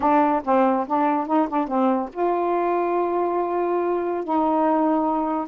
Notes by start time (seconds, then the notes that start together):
0.00 D4
0.44 C4
0.87 D4
1.26 D#4
1.48 D4
1.67 C4
2.12 F4
4.23 D#4